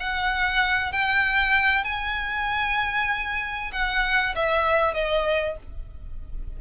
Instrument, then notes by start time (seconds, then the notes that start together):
violin
0.00 F#5
0.93 G5
1.84 G#5
3.72 F#5
4.36 E5
4.94 D#5